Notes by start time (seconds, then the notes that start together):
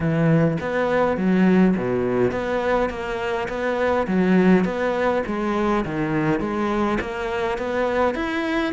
0.00 E3
0.60 B3
1.17 F#3
1.77 B2
2.31 B3
2.89 A#3
3.48 B3
4.07 F#3
4.64 B3
5.26 G#3
5.85 D#3
6.40 G#3
7.00 A#3
7.58 B3
8.14 E4